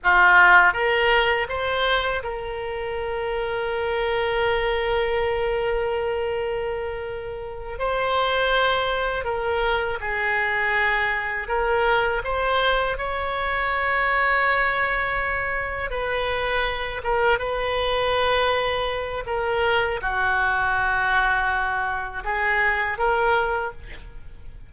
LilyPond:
\new Staff \with { instrumentName = "oboe" } { \time 4/4 \tempo 4 = 81 f'4 ais'4 c''4 ais'4~ | ais'1~ | ais'2~ ais'8 c''4.~ | c''8 ais'4 gis'2 ais'8~ |
ais'8 c''4 cis''2~ cis''8~ | cis''4. b'4. ais'8 b'8~ | b'2 ais'4 fis'4~ | fis'2 gis'4 ais'4 | }